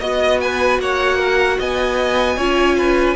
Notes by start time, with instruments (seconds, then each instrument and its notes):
0.00 cello B3, viola F#4, violin D#5
0.40 violin B4 G#5
0.79 cello A#3, violin C#5 F#5
1.18 violin A#4
1.59 cello B3, violin D#5 G#5
2.36 cello C#4, viola F4, violin C#5
2.77 violin B4